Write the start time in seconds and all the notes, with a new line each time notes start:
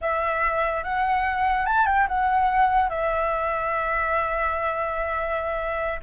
0.01 E5
0.83 F#5
1.66 A5
1.86 G5
2.07 F#5
2.89 E5